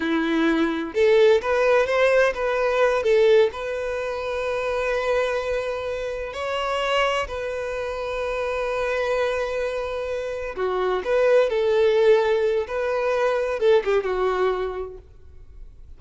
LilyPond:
\new Staff \with { instrumentName = "violin" } { \time 4/4 \tempo 4 = 128 e'2 a'4 b'4 | c''4 b'4. a'4 b'8~ | b'1~ | b'4. cis''2 b'8~ |
b'1~ | b'2~ b'8 fis'4 b'8~ | b'8 a'2~ a'8 b'4~ | b'4 a'8 g'8 fis'2 | }